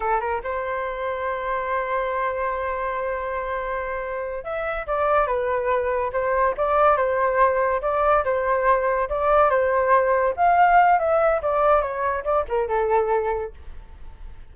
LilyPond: \new Staff \with { instrumentName = "flute" } { \time 4/4 \tempo 4 = 142 a'8 ais'8 c''2.~ | c''1~ | c''2~ c''8 e''4 d''8~ | d''8 b'2 c''4 d''8~ |
d''8 c''2 d''4 c''8~ | c''4. d''4 c''4.~ | c''8 f''4. e''4 d''4 | cis''4 d''8 ais'8 a'2 | }